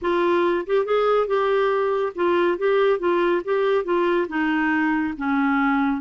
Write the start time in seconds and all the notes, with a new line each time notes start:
0.01 F4
0.66 G4
0.85 G#4
1.27 G4
2.15 F4
2.58 G4
2.99 F4
3.44 G4
3.84 F4
4.28 D#4
5.17 C#4